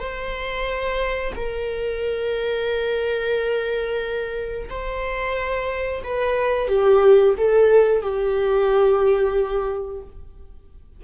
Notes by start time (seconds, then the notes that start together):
0.00 C5
1.36 A#4
4.70 C5
6.04 B4
6.68 G4
7.38 A4
8.02 G4